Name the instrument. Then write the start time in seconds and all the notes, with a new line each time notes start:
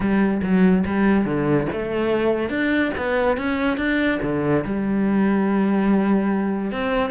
cello
0.00 G3
0.42 F#3
0.85 G3
1.25 D3
1.72 A3
2.49 D4
2.97 B3
3.37 C#4
3.77 D4
4.22 D3
4.65 G3
6.71 C4